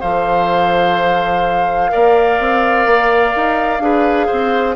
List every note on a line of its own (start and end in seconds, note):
0.00 1.92 F3
0.00 1.89 A4
0.00 1.90 C5
0.00 4.75 F5
1.89 2.39 A#3
1.89 3.80 A#4
1.89 3.82 D5
2.39 2.86 C4
2.86 3.33 A#3
3.36 3.79 D#4
3.79 4.27 D4
3.79 4.75 G#4
3.79 4.26 B4
4.26 4.75 C4
4.26 4.74 C5